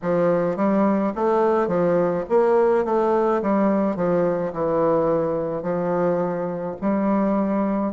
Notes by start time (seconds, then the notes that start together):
0.02 F3
0.56 G3
1.15 A3
1.67 F3
2.29 A#3
2.85 A3
3.42 G3
3.96 F3
4.52 E3
5.62 F3
6.81 G3